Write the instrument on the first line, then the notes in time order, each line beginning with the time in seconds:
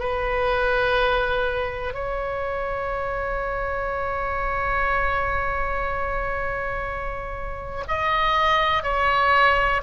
oboe
0.00 B4
1.94 C#5
7.88 D#5
8.83 C#5